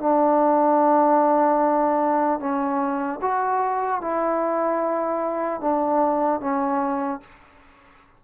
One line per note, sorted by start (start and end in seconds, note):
0.00 2.40 D4
2.40 3.20 C#4
3.22 4.01 F#4
4.01 5.61 E4
5.61 6.41 D4
6.41 7.21 C#4